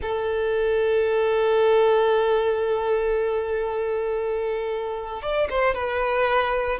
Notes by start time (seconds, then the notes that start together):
0.01 A4
5.22 D5
5.49 C5
5.74 B4